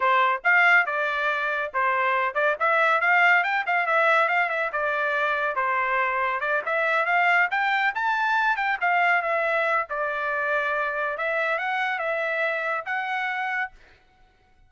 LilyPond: \new Staff \with { instrumentName = "trumpet" } { \time 4/4 \tempo 4 = 140 c''4 f''4 d''2 | c''4. d''8 e''4 f''4 | g''8 f''8 e''4 f''8 e''8 d''4~ | d''4 c''2 d''8 e''8~ |
e''8 f''4 g''4 a''4. | g''8 f''4 e''4. d''4~ | d''2 e''4 fis''4 | e''2 fis''2 | }